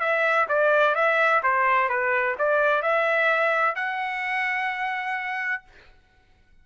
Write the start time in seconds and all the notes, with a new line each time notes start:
0.00 E5
0.49 D5
0.95 E5
1.43 C5
1.89 B4
2.39 D5
2.83 E5
3.76 F#5